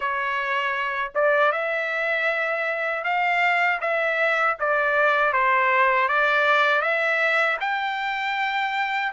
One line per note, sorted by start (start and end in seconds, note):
0.00 1.12 C#5
1.14 1.52 D5
1.52 3.03 E5
3.04 3.80 F5
3.80 4.56 E5
4.59 5.32 D5
5.32 6.08 C5
6.08 6.81 D5
6.81 7.57 E5
7.60 9.12 G5